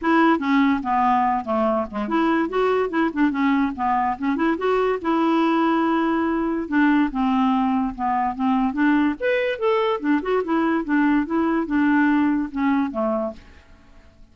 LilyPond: \new Staff \with { instrumentName = "clarinet" } { \time 4/4 \tempo 4 = 144 e'4 cis'4 b4. a8~ | a8 gis8 e'4 fis'4 e'8 d'8 | cis'4 b4 cis'8 e'8 fis'4 | e'1 |
d'4 c'2 b4 | c'4 d'4 b'4 a'4 | d'8 fis'8 e'4 d'4 e'4 | d'2 cis'4 a4 | }